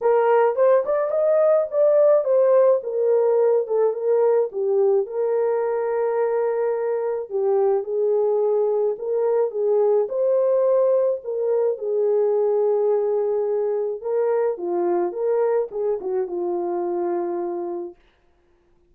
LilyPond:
\new Staff \with { instrumentName = "horn" } { \time 4/4 \tempo 4 = 107 ais'4 c''8 d''8 dis''4 d''4 | c''4 ais'4. a'8 ais'4 | g'4 ais'2.~ | ais'4 g'4 gis'2 |
ais'4 gis'4 c''2 | ais'4 gis'2.~ | gis'4 ais'4 f'4 ais'4 | gis'8 fis'8 f'2. | }